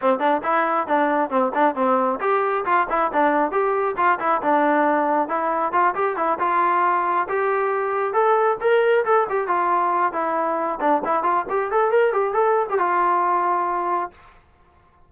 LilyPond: \new Staff \with { instrumentName = "trombone" } { \time 4/4 \tempo 4 = 136 c'8 d'8 e'4 d'4 c'8 d'8 | c'4 g'4 f'8 e'8 d'4 | g'4 f'8 e'8 d'2 | e'4 f'8 g'8 e'8 f'4.~ |
f'8 g'2 a'4 ais'8~ | ais'8 a'8 g'8 f'4. e'4~ | e'8 d'8 e'8 f'8 g'8 a'8 ais'8 g'8 | a'8. g'16 f'2. | }